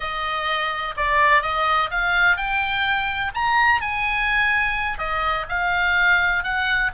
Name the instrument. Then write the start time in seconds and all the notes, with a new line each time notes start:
oboe
0.00 D#5
0.96 D5
1.42 D#5
1.90 F5
2.36 G5
3.34 A#5
3.81 G#5
4.98 D#5
5.48 F5
6.43 F#5